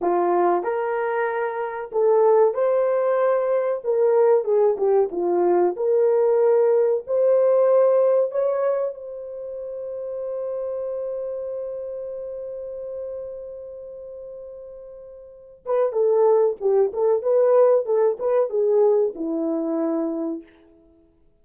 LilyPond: \new Staff \with { instrumentName = "horn" } { \time 4/4 \tempo 4 = 94 f'4 ais'2 a'4 | c''2 ais'4 gis'8 g'8 | f'4 ais'2 c''4~ | c''4 cis''4 c''2~ |
c''1~ | c''1~ | c''8 b'8 a'4 g'8 a'8 b'4 | a'8 b'8 gis'4 e'2 | }